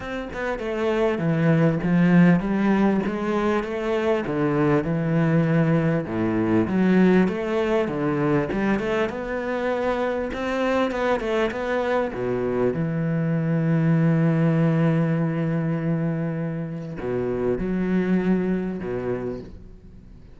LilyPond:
\new Staff \with { instrumentName = "cello" } { \time 4/4 \tempo 4 = 99 c'8 b8 a4 e4 f4 | g4 gis4 a4 d4 | e2 a,4 fis4 | a4 d4 g8 a8 b4~ |
b4 c'4 b8 a8 b4 | b,4 e2.~ | e1 | b,4 fis2 b,4 | }